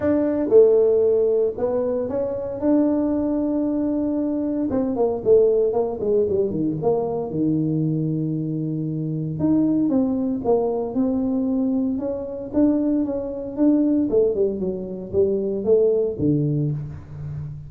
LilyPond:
\new Staff \with { instrumentName = "tuba" } { \time 4/4 \tempo 4 = 115 d'4 a2 b4 | cis'4 d'2.~ | d'4 c'8 ais8 a4 ais8 gis8 | g8 dis8 ais4 dis2~ |
dis2 dis'4 c'4 | ais4 c'2 cis'4 | d'4 cis'4 d'4 a8 g8 | fis4 g4 a4 d4 | }